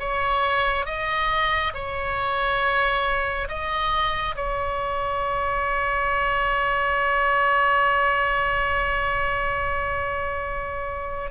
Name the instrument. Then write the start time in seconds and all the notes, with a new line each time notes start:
oboe
0.00 C#5
0.86 D#5
1.75 C#5
3.49 D#5
4.36 C#5